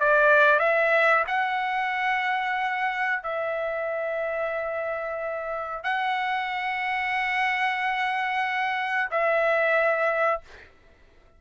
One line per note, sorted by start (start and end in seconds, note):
0.00 0.59 D5
0.59 1.24 E5
1.27 3.23 F#5
3.23 5.83 E5
5.83 9.09 F#5
9.11 10.41 E5